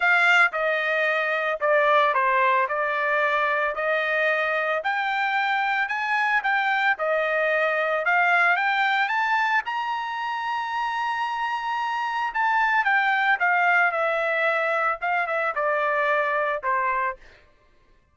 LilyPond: \new Staff \with { instrumentName = "trumpet" } { \time 4/4 \tempo 4 = 112 f''4 dis''2 d''4 | c''4 d''2 dis''4~ | dis''4 g''2 gis''4 | g''4 dis''2 f''4 |
g''4 a''4 ais''2~ | ais''2. a''4 | g''4 f''4 e''2 | f''8 e''8 d''2 c''4 | }